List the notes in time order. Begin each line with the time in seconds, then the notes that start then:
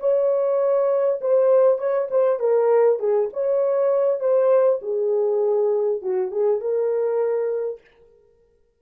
0.00 C#5
1.21 C5
1.78 C#5
2.11 C5
2.40 A#4
2.99 G#4
3.33 C#5
4.20 C5
4.82 G#4
6.02 F#4
6.32 G#4
6.61 A#4